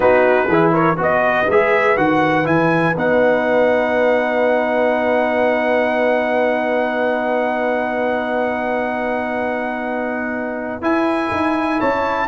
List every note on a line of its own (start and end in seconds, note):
0.00 0.47 B3
0.00 0.48 D#4
0.00 0.48 F#4
0.00 0.71 B4
0.47 0.97 E3
0.47 0.96 E4
0.47 0.72 G#4
0.73 0.97 A#4
0.73 0.98 C#5
0.96 1.47 B3
0.96 1.46 F#4
0.96 11.79 B4
0.96 1.50 D#5
1.48 1.96 G#3
1.48 1.96 G#4
1.48 1.97 E5
1.96 2.45 D#3
1.96 2.44 F#4
1.96 2.46 F#5
2.44 2.95 E3
2.44 2.93 E4
2.44 2.95 G#5
2.97 10.81 B3
2.97 10.82 D#4
2.97 10.83 F#5
10.81 11.30 E4
10.81 12.28 E4
10.81 11.80 G#5
11.31 11.80 D#4
11.79 12.28 C#4
11.79 12.28 C#5
11.79 12.28 A5